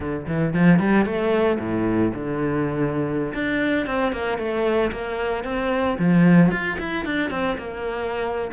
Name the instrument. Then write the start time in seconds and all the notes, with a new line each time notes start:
cello
0.00 D3
0.27 E3
0.53 F3
0.79 G3
1.05 A3
1.59 A2
2.14 D3
3.33 D4
3.86 C4
4.12 A#3
4.38 A3
4.91 A#3
5.44 C4
5.99 F3
6.51 F4
6.79 E4
7.05 D4
7.30 C4
7.58 A#3